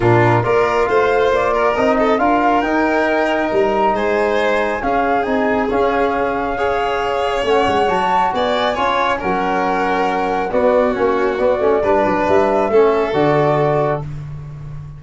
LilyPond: <<
  \new Staff \with { instrumentName = "flute" } { \time 4/4 \tempo 4 = 137 ais'4 d''4 f''4 d''4 | dis''4 f''4 g''2 | ais''4 gis''2 f''4 | gis''4 f''2.~ |
f''4 fis''4 a''4 gis''4~ | gis''4 fis''2. | d''4 cis''4 d''2 | e''2 d''2 | }
  \new Staff \with { instrumentName = "violin" } { \time 4/4 f'4 ais'4 c''4. ais'8~ | ais'8 a'8 ais'2.~ | ais'4 c''2 gis'4~ | gis'2. cis''4~ |
cis''2. d''4 | cis''4 ais'2. | fis'2. b'4~ | b'4 a'2. | }
  \new Staff \with { instrumentName = "trombone" } { \time 4/4 d'4 f'2. | dis'4 f'4 dis'2~ | dis'2. cis'4 | dis'4 cis'2 gis'4~ |
gis'4 cis'4 fis'2 | f'4 cis'2. | b4 cis'4 b8 cis'8 d'4~ | d'4 cis'4 fis'2 | }
  \new Staff \with { instrumentName = "tuba" } { \time 4/4 ais,4 ais4 a4 ais4 | c'4 d'4 dis'2 | g4 gis2 cis'4 | c'4 cis'2.~ |
cis'4 a8 gis8 fis4 b4 | cis'4 fis2. | b4 ais4 b8 a8 g8 fis8 | g4 a4 d2 | }
>>